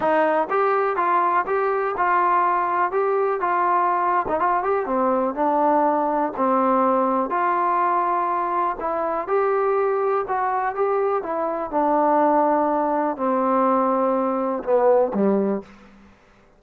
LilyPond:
\new Staff \with { instrumentName = "trombone" } { \time 4/4 \tempo 4 = 123 dis'4 g'4 f'4 g'4 | f'2 g'4 f'4~ | f'8. dis'16 f'8 g'8 c'4 d'4~ | d'4 c'2 f'4~ |
f'2 e'4 g'4~ | g'4 fis'4 g'4 e'4 | d'2. c'4~ | c'2 b4 g4 | }